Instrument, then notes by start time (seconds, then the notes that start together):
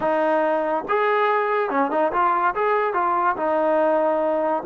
trombone
0.00 D#4
0.88 G#4
1.70 C#4
1.90 D#4
2.12 F4
2.54 G#4
2.93 F4
3.36 D#4